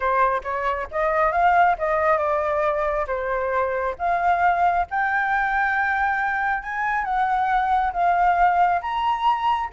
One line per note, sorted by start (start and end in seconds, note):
0.00 0.41 C5
0.43 0.87 C#5
0.91 1.32 D#5
1.32 1.76 F5
1.78 2.18 D#5
2.18 3.06 D5
3.07 3.95 C5
3.98 4.86 F5
4.90 6.63 G5
6.63 7.04 G#5
7.04 7.92 F#5
7.92 8.81 F5
8.81 9.69 A#5